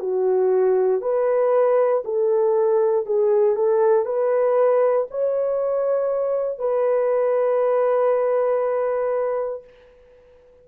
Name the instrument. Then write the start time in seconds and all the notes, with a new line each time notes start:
horn
0.00 F#4
1.02 B4
2.05 A4
3.06 G#4
3.56 A4
4.06 B4
5.11 C#5
6.59 B4